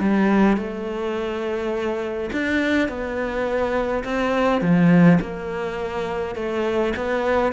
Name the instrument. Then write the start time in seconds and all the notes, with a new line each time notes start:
cello
0.00 G3
0.57 A3
2.33 D4
2.89 B3
4.04 C4
4.62 F3
5.21 A#3
6.36 A3
6.97 B3